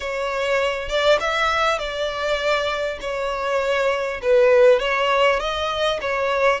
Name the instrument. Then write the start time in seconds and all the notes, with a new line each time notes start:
violin
0.00 C#5
0.88 D5
1.20 E5
1.78 D5
3.00 C#5
4.22 B4
4.79 C#5
5.39 D#5
6.01 C#5